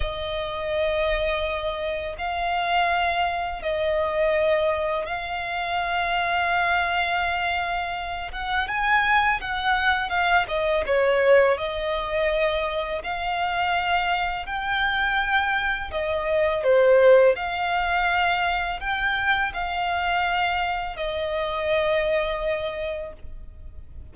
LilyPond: \new Staff \with { instrumentName = "violin" } { \time 4/4 \tempo 4 = 83 dis''2. f''4~ | f''4 dis''2 f''4~ | f''2.~ f''8 fis''8 | gis''4 fis''4 f''8 dis''8 cis''4 |
dis''2 f''2 | g''2 dis''4 c''4 | f''2 g''4 f''4~ | f''4 dis''2. | }